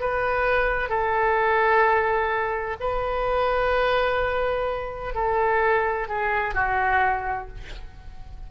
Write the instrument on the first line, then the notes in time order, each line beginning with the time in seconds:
oboe
0.00 B4
0.89 A4
2.80 B4
5.14 A4
6.08 G#4
6.54 F#4